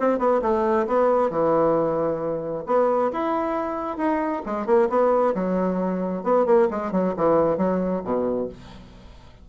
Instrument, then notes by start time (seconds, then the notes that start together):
bassoon
0.00 C4
0.19 B3
0.42 A3
0.87 B3
1.31 E3
2.66 B3
3.13 E4
3.97 D#4
4.46 G#3
4.66 A#3
4.90 B3
5.35 F#3
6.24 B3
6.46 A#3
6.71 G#3
6.92 F#3
7.17 E3
7.58 F#3
8.04 B2